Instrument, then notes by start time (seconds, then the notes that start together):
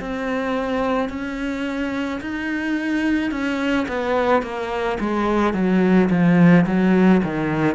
cello
0.00 C4
1.09 C#4
2.21 D#4
3.31 C#4
3.88 B3
4.42 A#3
5.00 G#3
5.54 F#3
6.10 F3
6.66 F#3
7.24 D#3